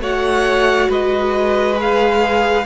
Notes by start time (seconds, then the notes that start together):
0.00 A3 F#4 C#5 F#5
0.89 G#3 B4 D#5
1.76 G#4 F5